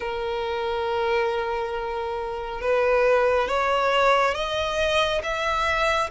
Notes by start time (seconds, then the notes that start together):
0.00 A#4
2.61 B4
3.47 C#5
4.34 D#5
5.23 E5